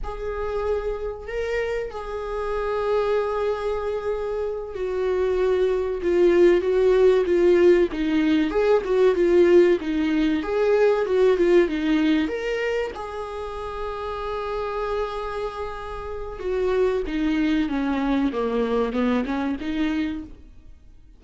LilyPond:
\new Staff \with { instrumentName = "viola" } { \time 4/4 \tempo 4 = 95 gis'2 ais'4 gis'4~ | gis'2.~ gis'8 fis'8~ | fis'4. f'4 fis'4 f'8~ | f'8 dis'4 gis'8 fis'8 f'4 dis'8~ |
dis'8 gis'4 fis'8 f'8 dis'4 ais'8~ | ais'8 gis'2.~ gis'8~ | gis'2 fis'4 dis'4 | cis'4 ais4 b8 cis'8 dis'4 | }